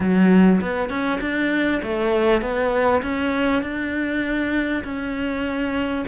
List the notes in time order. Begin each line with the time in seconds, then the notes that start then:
0.00 F#3
0.61 B3
0.89 C#4
1.20 D4
1.82 A3
2.41 B3
3.02 C#4
3.62 D4
4.83 C#4